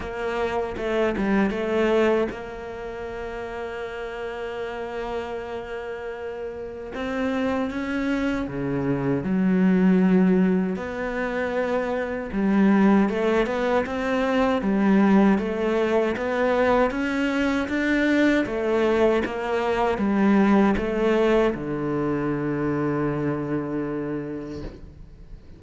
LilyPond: \new Staff \with { instrumentName = "cello" } { \time 4/4 \tempo 4 = 78 ais4 a8 g8 a4 ais4~ | ais1~ | ais4 c'4 cis'4 cis4 | fis2 b2 |
g4 a8 b8 c'4 g4 | a4 b4 cis'4 d'4 | a4 ais4 g4 a4 | d1 | }